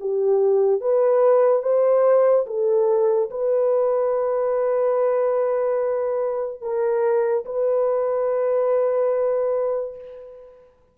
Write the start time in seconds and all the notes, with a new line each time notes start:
0.00 G4
0.81 B4
1.62 C5
2.47 A4
3.31 B4
6.62 A#4
7.45 B4